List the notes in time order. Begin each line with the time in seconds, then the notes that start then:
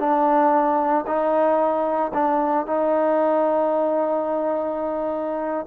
0.00 D4
1.07 D#4
2.14 D4
2.67 D#4